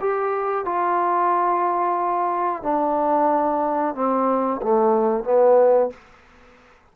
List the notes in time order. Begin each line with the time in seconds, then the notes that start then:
0.00 G4
0.65 F4
2.63 D4
3.94 C4
4.62 A3
5.24 B3